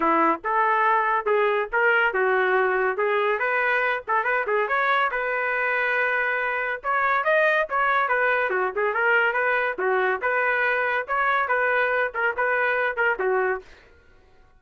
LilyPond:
\new Staff \with { instrumentName = "trumpet" } { \time 4/4 \tempo 4 = 141 e'4 a'2 gis'4 | ais'4 fis'2 gis'4 | b'4. a'8 b'8 gis'8 cis''4 | b'1 |
cis''4 dis''4 cis''4 b'4 | fis'8 gis'8 ais'4 b'4 fis'4 | b'2 cis''4 b'4~ | b'8 ais'8 b'4. ais'8 fis'4 | }